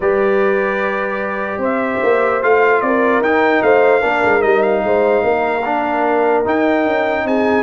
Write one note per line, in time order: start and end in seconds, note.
0.00 1.57 G3
0.00 2.42 G4
0.00 1.59 B4
0.00 1.62 D5
1.57 1.98 C4
1.57 2.80 C5
1.57 2.42 E5
2.02 2.43 A#3
2.42 2.82 A3
2.42 3.23 F4
2.42 2.81 F5
2.81 3.20 C4
2.81 3.63 A#4
2.81 3.21 D5
3.20 3.60 D#4
3.20 4.01 D#4
3.20 3.62 G5
3.62 4.02 A3
3.62 4.00 C5
3.62 4.42 F5
4.00 4.23 A#3
4.00 4.40 D4
4.00 4.81 A#4
4.23 4.43 G#3
4.40 4.83 G3
4.40 5.61 D#4
4.40 4.62 D#5
4.62 6.43 F5
4.83 5.23 G#3
4.83 5.23 C5
5.23 6.44 A#3
5.23 7.24 A#4
5.65 6.44 D4
6.44 7.63 D#4
6.44 6.85 D#4
6.44 7.27 G5
6.86 7.24 C#4
7.24 7.63 C4
7.24 7.63 G#4
7.24 7.63 G#5